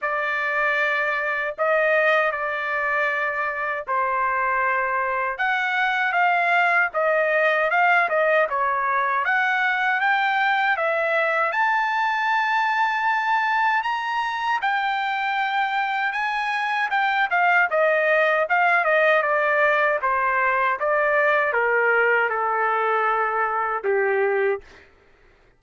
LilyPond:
\new Staff \with { instrumentName = "trumpet" } { \time 4/4 \tempo 4 = 78 d''2 dis''4 d''4~ | d''4 c''2 fis''4 | f''4 dis''4 f''8 dis''8 cis''4 | fis''4 g''4 e''4 a''4~ |
a''2 ais''4 g''4~ | g''4 gis''4 g''8 f''8 dis''4 | f''8 dis''8 d''4 c''4 d''4 | ais'4 a'2 g'4 | }